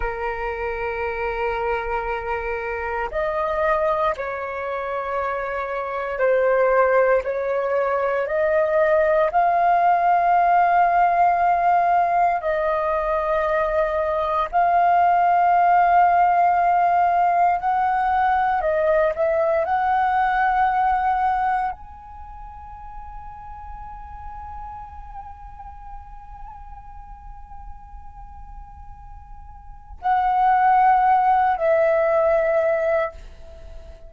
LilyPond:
\new Staff \with { instrumentName = "flute" } { \time 4/4 \tempo 4 = 58 ais'2. dis''4 | cis''2 c''4 cis''4 | dis''4 f''2. | dis''2 f''2~ |
f''4 fis''4 dis''8 e''8 fis''4~ | fis''4 gis''2.~ | gis''1~ | gis''4 fis''4. e''4. | }